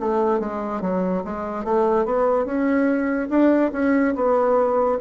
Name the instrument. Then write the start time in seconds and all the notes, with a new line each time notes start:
bassoon
0.00 A3
0.40 G#3
0.81 F#3
1.25 G#3
1.64 A3
2.05 B3
2.45 C#4
3.30 D4
3.73 C#4
4.15 B3